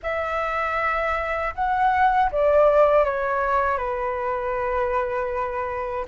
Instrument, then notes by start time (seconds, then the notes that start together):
flute
0.02 E5
1.54 F#5
2.31 D5
3.04 C#5
3.77 B4